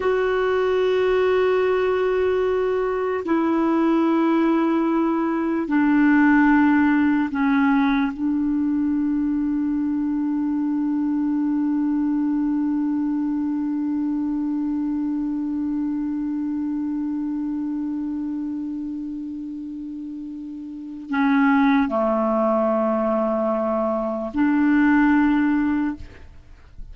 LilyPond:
\new Staff \with { instrumentName = "clarinet" } { \time 4/4 \tempo 4 = 74 fis'1 | e'2. d'4~ | d'4 cis'4 d'2~ | d'1~ |
d'1~ | d'1~ | d'2 cis'4 a4~ | a2 d'2 | }